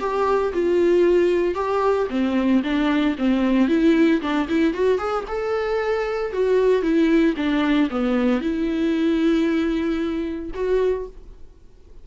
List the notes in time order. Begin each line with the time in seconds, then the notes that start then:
0.00 G4
0.53 F4
1.55 G4
2.10 C4
2.63 D4
3.18 C4
3.68 E4
4.22 D4
4.49 E4
4.74 F#4
4.98 G#4
5.28 A4
6.33 F#4
6.82 E4
7.37 D4
7.90 B3
8.41 E4
10.54 F#4